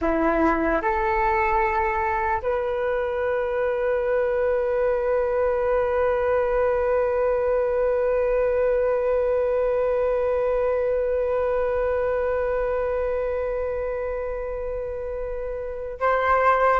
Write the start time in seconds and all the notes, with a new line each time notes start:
0.01 E4
0.81 A4
2.42 B4
16.00 C5